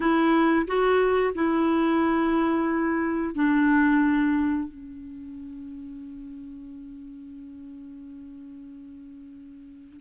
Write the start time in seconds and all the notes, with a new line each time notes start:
0.00 E4
0.67 F#4
1.35 E4
3.35 D4
4.68 C#4